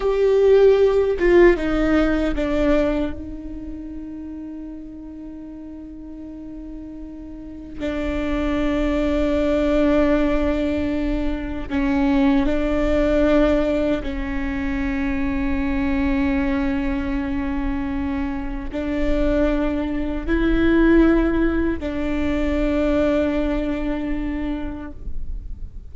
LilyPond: \new Staff \with { instrumentName = "viola" } { \time 4/4 \tempo 4 = 77 g'4. f'8 dis'4 d'4 | dis'1~ | dis'2 d'2~ | d'2. cis'4 |
d'2 cis'2~ | cis'1 | d'2 e'2 | d'1 | }